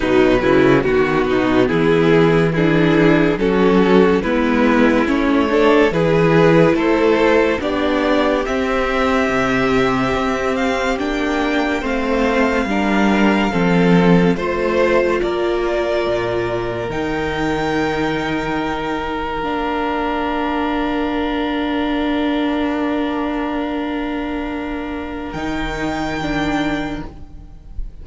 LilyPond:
<<
  \new Staff \with { instrumentName = "violin" } { \time 4/4 \tempo 4 = 71 b'4 fis'4 gis'4 e'4 | a'4 b'4 cis''4 b'4 | c''4 d''4 e''2~ | e''8 f''8 g''4 f''2~ |
f''4 c''4 d''2 | g''2. f''4~ | f''1~ | f''2 g''2 | }
  \new Staff \with { instrumentName = "violin" } { \time 4/4 dis'8 e'8 fis'8 dis'8 e'4 gis'4 | fis'4 e'4. a'8 gis'4 | a'4 g'2.~ | g'2 c''4 ais'4 |
a'4 c''4 ais'2~ | ais'1~ | ais'1~ | ais'1 | }
  \new Staff \with { instrumentName = "viola" } { \time 4/4 fis4 b2 d'4 | cis'4 b4 cis'8 d'8 e'4~ | e'4 d'4 c'2~ | c'4 d'4 c'4 d'4 |
c'4 f'2. | dis'2. d'4~ | d'1~ | d'2 dis'4 d'4 | }
  \new Staff \with { instrumentName = "cello" } { \time 4/4 b,8 cis8 dis8 b,8 e2 | fis4 gis4 a4 e4 | a4 b4 c'4 c4 | c'4 ais4 a4 g4 |
f4 a4 ais4 ais,4 | dis2. ais4~ | ais1~ | ais2 dis2 | }
>>